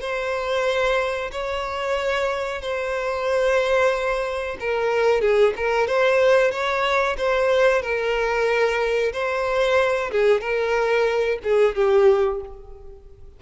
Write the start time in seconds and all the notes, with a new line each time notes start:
0.00 C5
1.32 C#5
2.61 C5
4.60 A#4
5.21 G#4
5.56 A#4
5.87 C5
6.51 C#5
7.17 C5
7.82 A#4
9.13 C5
10.11 G#4
10.41 A#4
11.43 G#4
11.75 G4